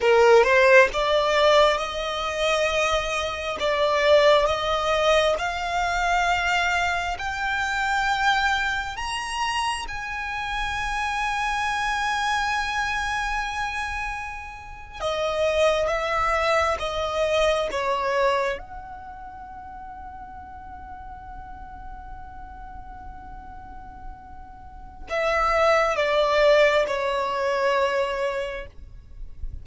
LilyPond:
\new Staff \with { instrumentName = "violin" } { \time 4/4 \tempo 4 = 67 ais'8 c''8 d''4 dis''2 | d''4 dis''4 f''2 | g''2 ais''4 gis''4~ | gis''1~ |
gis''8. dis''4 e''4 dis''4 cis''16~ | cis''8. fis''2.~ fis''16~ | fis''1 | e''4 d''4 cis''2 | }